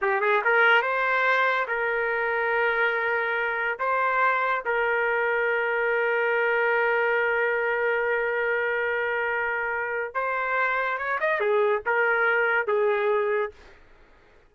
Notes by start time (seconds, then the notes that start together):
0.01 G4
0.21 G#4
0.44 A#4
0.81 C5
1.67 A#4
3.79 C5
4.65 A#4
10.14 C5
10.98 C#5
11.20 D#5
11.40 G#4
11.86 A#4
12.67 G#4